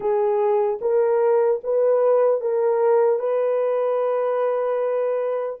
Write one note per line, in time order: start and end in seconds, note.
0.00 0.79 G#4
0.81 1.61 A#4
1.63 2.40 B4
2.40 3.19 A#4
3.19 5.59 B4